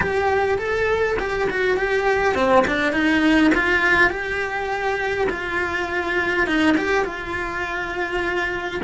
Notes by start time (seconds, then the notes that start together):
0.00 G4
0.58 A4
1.19 G4
1.49 F#4
1.77 G4
2.34 C4
2.67 D4
2.92 D#4
3.55 F4
4.10 G4
5.29 F4
6.46 D#4
6.77 G4
7.04 F4